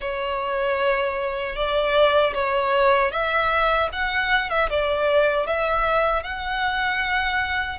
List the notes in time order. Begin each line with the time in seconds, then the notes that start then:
0.00 C#5
1.55 D5
2.33 C#5
3.11 E5
3.92 F#5
4.49 E5
4.69 D5
5.46 E5
6.23 F#5